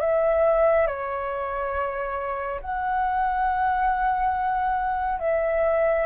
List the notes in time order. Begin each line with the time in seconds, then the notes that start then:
0.00 E5
0.87 C#5
2.61 F#5
5.19 E5